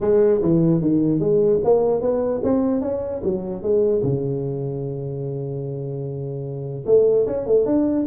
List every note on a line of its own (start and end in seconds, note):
0.01 0.41 G#3
0.42 0.81 E3
0.81 1.19 D#3
1.19 1.60 G#3
1.63 2.01 A#3
2.01 2.41 B3
2.43 2.81 C4
2.81 3.21 C#4
3.23 3.62 F#3
3.62 4.02 G#3
4.03 6.85 C#3
6.86 7.26 A3
7.26 7.46 C#4
7.46 7.65 A3
7.65 8.06 D4